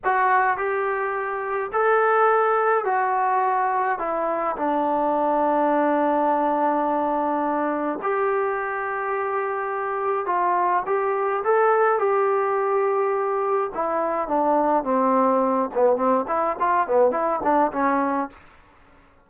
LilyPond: \new Staff \with { instrumentName = "trombone" } { \time 4/4 \tempo 4 = 105 fis'4 g'2 a'4~ | a'4 fis'2 e'4 | d'1~ | d'2 g'2~ |
g'2 f'4 g'4 | a'4 g'2. | e'4 d'4 c'4. b8 | c'8 e'8 f'8 b8 e'8 d'8 cis'4 | }